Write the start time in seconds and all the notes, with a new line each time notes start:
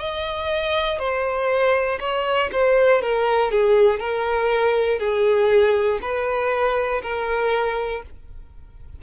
0.00 D#5
1.00 C5
2.00 C#5
2.52 C5
3.02 A#4
3.51 G#4
4.00 A#4
5.00 G#4
6.02 B4
7.03 A#4